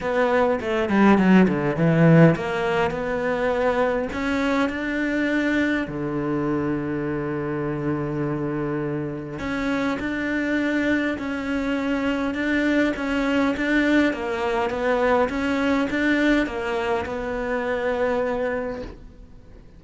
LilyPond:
\new Staff \with { instrumentName = "cello" } { \time 4/4 \tempo 4 = 102 b4 a8 g8 fis8 d8 e4 | ais4 b2 cis'4 | d'2 d2~ | d1 |
cis'4 d'2 cis'4~ | cis'4 d'4 cis'4 d'4 | ais4 b4 cis'4 d'4 | ais4 b2. | }